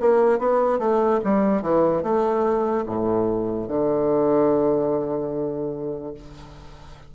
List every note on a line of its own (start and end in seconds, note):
0.00 0.38 A#3
0.38 0.78 B3
0.78 1.20 A3
1.24 1.62 G3
1.62 2.02 E3
2.02 2.85 A3
2.85 3.68 A2
3.68 6.14 D3